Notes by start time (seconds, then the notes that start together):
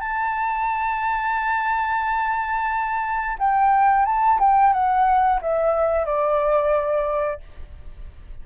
0.00 A5
3.39 G5
4.05 A5
4.39 G5
4.73 F#5
5.41 E5
6.05 D5